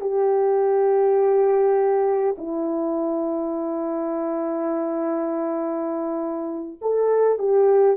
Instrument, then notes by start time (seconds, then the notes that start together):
horn
0.00 G4
2.37 E4
6.81 A4
7.38 G4